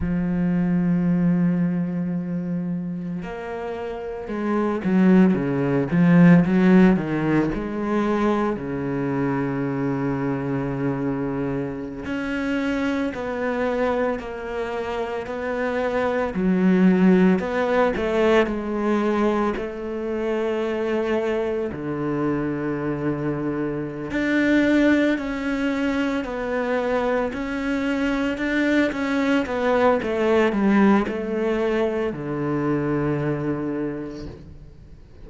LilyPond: \new Staff \with { instrumentName = "cello" } { \time 4/4 \tempo 4 = 56 f2. ais4 | gis8 fis8 cis8 f8 fis8 dis8 gis4 | cis2.~ cis16 cis'8.~ | cis'16 b4 ais4 b4 fis8.~ |
fis16 b8 a8 gis4 a4.~ a16~ | a16 d2~ d16 d'4 cis'8~ | cis'8 b4 cis'4 d'8 cis'8 b8 | a8 g8 a4 d2 | }